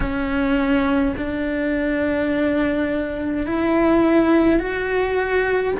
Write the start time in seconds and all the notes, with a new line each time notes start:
0.00 C#4
1.16 D4
3.46 E4
4.58 F#4